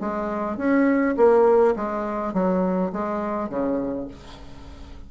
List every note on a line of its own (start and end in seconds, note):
0.00 0.57 G#3
0.57 1.16 C#4
1.17 1.75 A#3
1.76 2.34 G#3
2.34 2.92 F#3
2.93 3.50 G#3
3.50 4.08 C#3